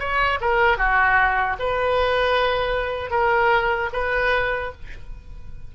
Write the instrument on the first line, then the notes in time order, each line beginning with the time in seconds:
oboe
0.00 C#5
0.41 A#4
0.78 F#4
1.59 B4
3.11 A#4
3.93 B4